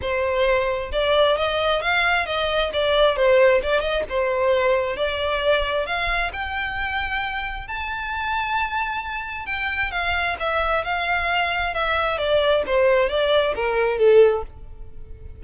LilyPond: \new Staff \with { instrumentName = "violin" } { \time 4/4 \tempo 4 = 133 c''2 d''4 dis''4 | f''4 dis''4 d''4 c''4 | d''8 dis''8 c''2 d''4~ | d''4 f''4 g''2~ |
g''4 a''2.~ | a''4 g''4 f''4 e''4 | f''2 e''4 d''4 | c''4 d''4 ais'4 a'4 | }